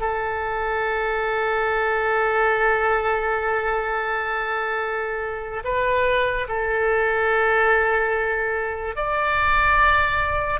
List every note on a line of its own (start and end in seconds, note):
0.00 5.62 A4
5.64 6.47 B4
6.48 8.95 A4
8.95 10.60 D5